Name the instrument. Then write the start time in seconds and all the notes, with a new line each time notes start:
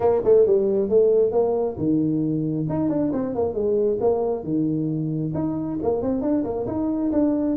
tuba
0.00 A#3
0.24 A3
0.46 G3
0.89 A3
1.31 A#3
1.77 D#3
2.69 D#4
2.89 D4
3.13 C4
3.35 A#3
3.54 G#3
4.00 A#3
4.43 D#3
5.34 D#4
5.82 A#3
6.02 C4
6.21 D4
6.44 A#3
6.66 D#4
7.12 D4